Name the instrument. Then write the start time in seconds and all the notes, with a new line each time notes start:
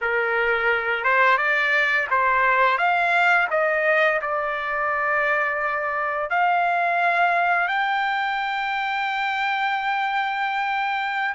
trumpet
0.01 A#4
1.04 C5
1.37 D5
2.10 C5
2.77 F5
3.50 D#5
4.21 D5
6.30 F5
7.67 G5